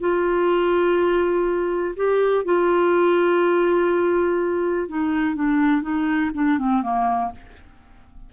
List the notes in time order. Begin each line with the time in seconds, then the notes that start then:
0.00 F4
1.96 G4
2.45 F4
4.88 D#4
5.35 D4
5.82 D#4
6.34 D4
6.59 C4
6.82 A#3